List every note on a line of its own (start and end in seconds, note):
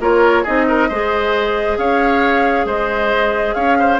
0.00 0.44 A#3
0.00 0.45 F4
0.00 0.43 A#4
0.00 0.45 C#5
0.43 0.90 C4
0.43 0.90 D#4
0.43 0.66 G#4
0.43 1.78 D#5
0.69 0.89 A#4
0.89 1.78 G#3
0.89 4.00 G#4
0.89 1.78 C5
1.78 2.65 C#4
1.78 2.66 C#5
1.78 2.67 F5
2.65 3.54 G#3
2.65 3.55 C5
2.65 3.54 D#5
3.54 4.00 C#4
3.54 3.77 C#5
3.54 3.99 F5
3.79 4.00 C5